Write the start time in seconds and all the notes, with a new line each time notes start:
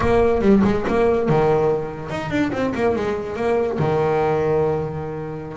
0.00 A#3
0.41 G3
0.64 G#3
0.87 A#3
1.28 D#3
2.10 D#4
2.30 D4
2.52 C4
2.74 A#3
2.95 G#3
3.35 A#3
3.78 D#3